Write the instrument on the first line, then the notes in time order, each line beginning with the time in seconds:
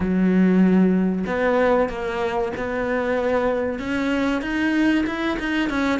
cello
0.00 F#3
1.26 B3
1.89 A#3
2.57 B3
3.79 C#4
4.41 D#4
5.06 E4
5.39 D#4
5.69 C#4